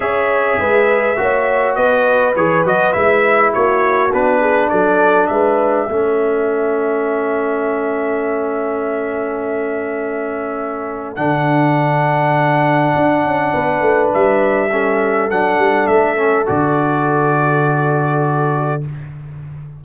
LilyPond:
<<
  \new Staff \with { instrumentName = "trumpet" } { \time 4/4 \tempo 4 = 102 e''2. dis''4 | cis''8 dis''8 e''4 cis''4 b'4 | d''4 e''2.~ | e''1~ |
e''2. fis''4~ | fis''1 | e''2 fis''4 e''4 | d''1 | }
  \new Staff \with { instrumentName = "horn" } { \time 4/4 cis''4 b'4 cis''4 b'4~ | b'2 fis'4. gis'8 | a'4 b'4 a'2~ | a'1~ |
a'1~ | a'2. b'4~ | b'4 a'2.~ | a'1 | }
  \new Staff \with { instrumentName = "trombone" } { \time 4/4 gis'2 fis'2 | gis'8 fis'8 e'2 d'4~ | d'2 cis'2~ | cis'1~ |
cis'2. d'4~ | d'1~ | d'4 cis'4 d'4. cis'8 | fis'1 | }
  \new Staff \with { instrumentName = "tuba" } { \time 4/4 cis'4 gis4 ais4 b4 | e8 fis8 gis4 ais4 b4 | fis4 gis4 a2~ | a1~ |
a2. d4~ | d2 d'8 cis'8 b8 a8 | g2 fis8 g8 a4 | d1 | }
>>